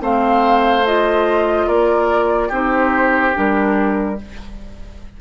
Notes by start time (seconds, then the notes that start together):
0.00 A3 C4 C5 F5
0.86 F4 D#5
1.68 A#3 A#4 D5
2.49 C4 D#4 G4 C5
3.33 G3 D4 A#4